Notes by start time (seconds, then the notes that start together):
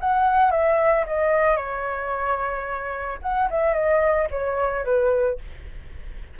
0.00 F#5
0.51 E5
1.06 D#5
1.57 C#5
3.22 F#5
3.50 E5
3.73 D#5
4.31 C#5
4.85 B4